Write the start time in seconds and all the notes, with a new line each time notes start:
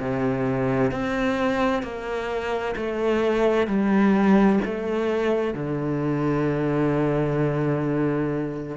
0.00 C3
0.91 C4
1.83 A#3
2.76 A3
3.67 G3
4.65 A3
5.54 D3